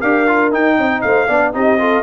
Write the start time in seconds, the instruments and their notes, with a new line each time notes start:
0.00 tuba D4, trombone G4, horn A#4, trumpet F5
0.28 trombone F4
0.52 trombone D#4, tuba D#4, trumpet G5
0.78 tuba C4, horn D#5
1.01 tuba A3, horn C5, trumpet F5
1.27 tuba B3, trombone D4, horn D5
1.53 tuba C4, trombone D#4, horn G4, trumpet D#5
1.79 trombone F4, horn A4